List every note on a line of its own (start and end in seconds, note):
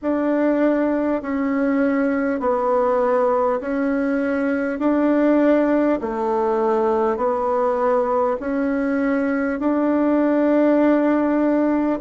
0.02 1.22 D4
1.22 2.40 C#4
2.40 3.60 B3
3.60 4.79 C#4
4.79 5.99 D4
6.01 7.17 A3
7.17 8.37 B3
8.40 9.59 C#4
9.59 11.99 D4